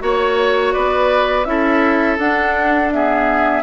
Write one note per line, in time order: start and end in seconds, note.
0.00 0.74 A#3
0.00 1.45 F#4
0.00 0.74 C#5
0.00 0.73 C#5
0.73 1.46 B3
0.73 1.46 B4
0.73 1.45 D5
1.45 2.18 C#4
1.45 2.19 E4
1.45 2.94 A4
1.45 2.17 E5
2.19 3.63 D4
2.19 2.92 D4
2.19 2.92 F#5
2.92 3.64 B3
2.92 3.64 G#4
2.92 3.64 E5